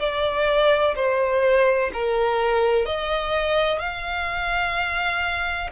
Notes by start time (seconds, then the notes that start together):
0.00 D5
0.96 C5
1.94 A#4
2.86 D#5
3.80 F5